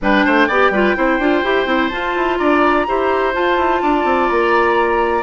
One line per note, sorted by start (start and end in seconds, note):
0.01 0.25 G3
0.01 0.49 D4
0.01 0.25 B4
0.01 1.88 G5
0.25 0.48 A3
0.25 0.47 C5
0.47 0.70 B3
0.47 0.73 G4
0.47 0.71 D5
0.70 0.94 G3
0.70 0.96 F4
0.70 0.96 B4
0.96 1.18 C4
0.96 1.19 E4
0.96 2.38 C5
1.18 1.42 D4
1.18 1.43 F4
1.43 1.66 E4
1.43 1.66 G4
1.66 1.90 C4
1.66 1.90 E4
1.88 2.87 F4
1.88 2.15 F4
1.88 2.36 A5
2.15 2.39 E4
2.37 2.87 D4
2.37 2.86 D5
2.37 3.32 A#5
2.87 3.35 E4
2.87 3.33 G4
2.87 3.82 C5
3.33 5.23 F4
3.33 3.56 F4
3.33 4.29 A5
3.56 3.80 E4
3.82 4.04 D4
3.82 5.23 D5
4.04 4.28 C4
4.29 5.23 A#3
4.29 5.23 A#5